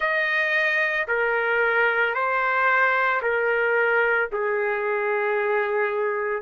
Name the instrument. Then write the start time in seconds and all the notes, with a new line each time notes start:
trumpet
0.00 D#5
1.07 A#4
2.14 C5
3.21 A#4
4.31 G#4